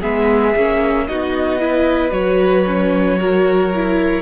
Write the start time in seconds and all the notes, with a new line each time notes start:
0.00 G#3 B3 G#4 E5
0.56 A#3 C#4
1.08 B3 D#4 F#4 D#5
1.59 E4 B4
2.11 F#3 F#4 C#5
2.67 C#4
3.19 F#4 A#4
3.75 E4